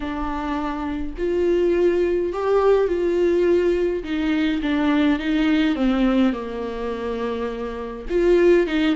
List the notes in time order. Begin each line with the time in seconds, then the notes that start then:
0.00 D4
1.18 F4
2.33 G4
2.87 F4
4.03 D#4
4.62 D4
5.19 D#4
5.75 C4
6.32 A#3
8.09 F4
8.66 D#4